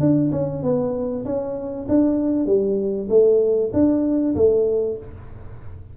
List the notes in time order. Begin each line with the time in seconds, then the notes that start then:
0.00 D4
0.32 C#4
0.63 B3
1.25 C#4
1.88 D4
2.46 G3
3.09 A3
3.73 D4
4.35 A3